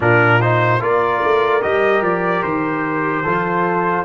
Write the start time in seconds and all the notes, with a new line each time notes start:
0.00 A#2 D4 F4 A#4
0.40 D#4 C5
0.80 A#3 F4 A#4 D5
1.23 A3
1.62 G3 G4 D#5
2.01 F3 D5
2.43 D#3 C5
3.23 F3 F4 A4